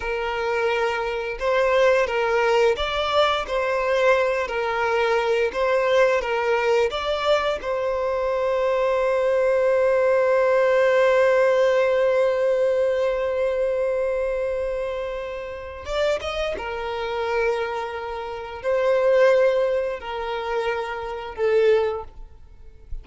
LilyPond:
\new Staff \with { instrumentName = "violin" } { \time 4/4 \tempo 4 = 87 ais'2 c''4 ais'4 | d''4 c''4. ais'4. | c''4 ais'4 d''4 c''4~ | c''1~ |
c''1~ | c''2. d''8 dis''8 | ais'2. c''4~ | c''4 ais'2 a'4 | }